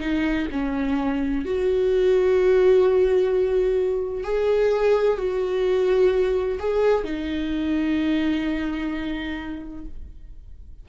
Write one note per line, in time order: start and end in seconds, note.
0.00 0.47 D#4
0.52 1.46 C#4
1.46 4.24 F#4
4.24 5.18 G#4
5.18 6.59 F#4
6.60 7.04 G#4
7.04 9.86 D#4